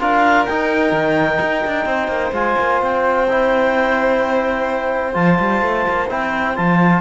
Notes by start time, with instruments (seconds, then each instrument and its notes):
0.00 cello D4, trombone F4, violin A#4, clarinet F5
0.46 cello D#4, trombone D#4, clarinet G5
0.92 cello D#3
1.41 cello D#4
1.67 cello D4
1.86 cello C4, violin C5
2.08 cello A#3
2.32 cello G#3, trombone F4, clarinet G#5
2.59 cello A#3
2.82 cello C4, clarinet G5
3.30 trombone E4
5.14 cello F3, trombone F4, clarinet A5
5.40 cello G3
5.62 cello A3
5.89 cello A#3
6.09 cello C4, trombone E4, clarinet G5
6.56 cello F3, trombone F4, clarinet A5